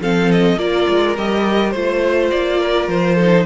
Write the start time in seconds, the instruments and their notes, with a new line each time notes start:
0.00 cello F3, viola C4, violin A4 F5
0.31 violin D#5
0.56 cello A#3, viola F4, violin A#4 D5
0.88 cello G#3
1.17 cello G3, viola G4, violin D#5
1.70 cello A3, viola F4, violin C5
2.30 cello A#3, violin D5
2.60 violin A#4
2.88 cello F3, violin C5
3.15 viola D#4, violin A4